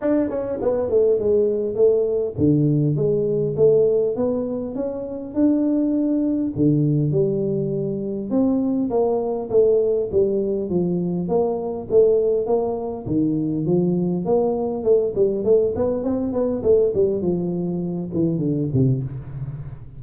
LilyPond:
\new Staff \with { instrumentName = "tuba" } { \time 4/4 \tempo 4 = 101 d'8 cis'8 b8 a8 gis4 a4 | d4 gis4 a4 b4 | cis'4 d'2 d4 | g2 c'4 ais4 |
a4 g4 f4 ais4 | a4 ais4 dis4 f4 | ais4 a8 g8 a8 b8 c'8 b8 | a8 g8 f4. e8 d8 c8 | }